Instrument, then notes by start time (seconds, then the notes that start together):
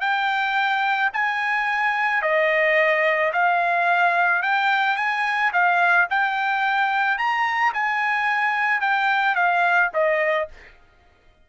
trumpet
0.00 G5
1.13 G#5
2.22 D#5
3.32 F5
4.42 G5
4.96 G#5
5.52 F5
6.10 G5
7.18 A#5
7.73 G#5
8.81 G5
9.35 F5
9.93 D#5